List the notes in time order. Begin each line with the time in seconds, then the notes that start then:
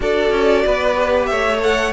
0.00 D4 F#4 A4 D5
0.31 C#4
0.65 B3 B4
0.95 G4
1.26 A3 C#5 E5
1.60 A4 F#5